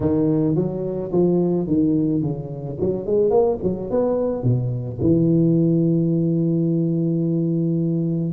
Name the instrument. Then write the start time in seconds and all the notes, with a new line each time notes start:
tuba
0.00 D#3
0.55 F#3
1.12 F3
1.67 D#3
2.22 C#3
2.80 F#3
3.06 G#3
3.30 A#3
3.62 F#3
3.90 B3
4.43 B2
5.01 E3